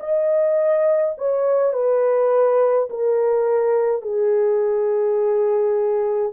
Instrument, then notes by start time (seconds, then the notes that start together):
horn
0.00 D#5
1.19 C#5
1.73 B4
2.90 A#4
4.02 G#4